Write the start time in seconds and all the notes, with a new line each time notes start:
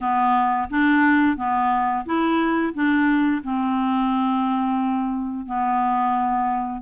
0.00 B3
0.70 D4
1.36 B3
2.05 E4
2.73 D4
3.43 C4
5.45 B3